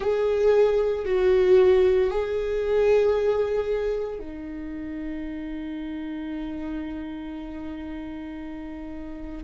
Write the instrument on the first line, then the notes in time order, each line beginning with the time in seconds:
viola
0.00 G#4
1.05 F#4
2.10 G#4
4.19 D#4